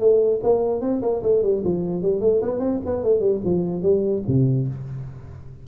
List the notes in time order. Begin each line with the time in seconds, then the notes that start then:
0.00 A3
0.43 A#3
0.81 C4
1.02 A#3
1.23 A3
1.43 G3
1.64 F3
2.03 G3
2.21 A3
2.42 B3
2.60 C4
2.86 B3
3.04 A3
3.20 G3
3.45 F3
3.83 G3
4.28 C3